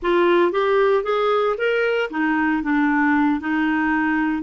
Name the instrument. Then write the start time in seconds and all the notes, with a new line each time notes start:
clarinet
0.02 F4
0.51 G4
1.03 G#4
1.57 A#4
2.10 D#4
2.62 D4
3.40 D#4